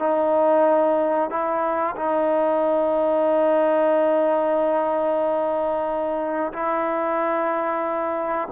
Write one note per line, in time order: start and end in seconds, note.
0.00 1.30 D#4
1.30 1.96 E4
1.97 6.53 D#4
6.53 8.49 E4